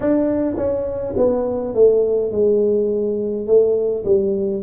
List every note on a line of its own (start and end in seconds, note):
0.00 0.56 D4
0.57 1.14 C#4
1.16 1.74 B3
1.74 2.31 A3
2.31 3.46 G#3
3.46 4.04 A3
4.04 4.62 G3